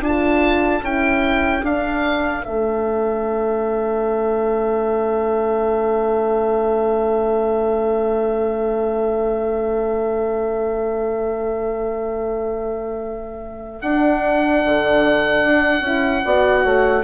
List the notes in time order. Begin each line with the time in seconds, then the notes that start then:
0.00 D4 F4 A4 A5
0.82 C#4 E4 G5
1.62 D4 F5
2.45 A3 C#4 E5
13.81 D4 F#5
14.65 D3
15.44 D4
15.81 C#4 E4
16.24 B3 F#4 D5
16.63 A3 C#5